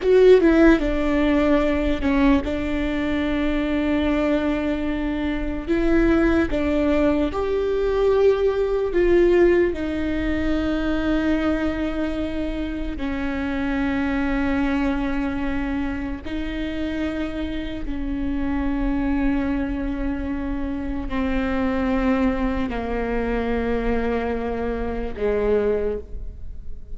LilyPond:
\new Staff \with { instrumentName = "viola" } { \time 4/4 \tempo 4 = 74 fis'8 e'8 d'4. cis'8 d'4~ | d'2. e'4 | d'4 g'2 f'4 | dis'1 |
cis'1 | dis'2 cis'2~ | cis'2 c'2 | ais2. gis4 | }